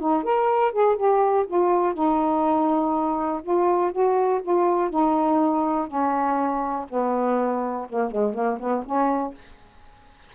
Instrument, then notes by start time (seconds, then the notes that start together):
saxophone
0.00 D#4
0.23 A#4
0.72 G#4
0.97 G4
1.47 F4
1.94 D#4
3.43 F4
3.92 F#4
4.43 F4
4.90 D#4
5.88 C#4
6.89 B3
7.90 A#3
8.11 G#3
8.34 A#3
8.60 B3
8.85 C#4